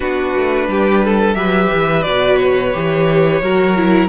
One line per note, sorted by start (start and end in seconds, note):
0.00 0.34 B3
0.00 1.35 D4
0.00 0.66 F#4
0.00 1.34 B4
0.35 0.67 A3
0.67 1.34 G3
0.67 1.04 G4
1.04 1.37 A4
1.34 1.68 F#3
1.34 2.03 G4
1.34 3.41 B4
1.34 2.02 E5
1.73 2.07 E3
2.02 2.74 B2
2.02 2.73 F#4
2.02 2.36 D5
2.36 4.07 C#5
2.73 3.41 E3
2.73 3.41 G4
3.41 4.08 F#3
3.41 3.76 F#4
3.41 4.08 A#4
3.76 4.08 E4